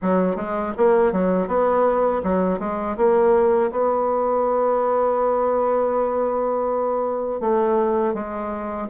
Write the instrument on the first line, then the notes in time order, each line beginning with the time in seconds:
bassoon
0.02 F#3
0.36 G#3
0.77 A#3
1.12 F#3
1.47 B3
2.23 F#3
2.59 G#3
2.96 A#3
3.71 B3
7.40 A3
8.13 G#3